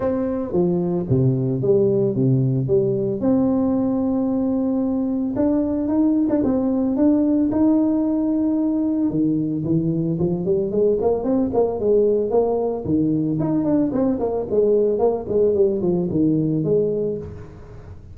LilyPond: \new Staff \with { instrumentName = "tuba" } { \time 4/4 \tempo 4 = 112 c'4 f4 c4 g4 | c4 g4 c'2~ | c'2 d'4 dis'8. d'16 | c'4 d'4 dis'2~ |
dis'4 dis4 e4 f8 g8 | gis8 ais8 c'8 ais8 gis4 ais4 | dis4 dis'8 d'8 c'8 ais8 gis4 | ais8 gis8 g8 f8 dis4 gis4 | }